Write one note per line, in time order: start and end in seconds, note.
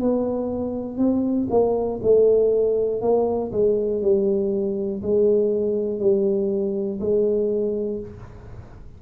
0.00 0.98 B3
0.98 1.48 C4
1.50 2.00 A#3
2.03 3.02 A3
3.02 3.52 A#3
3.52 4.02 G#3
4.02 5.02 G3
5.02 6.00 G#3
6.00 7.00 G3
7.00 8.00 G#3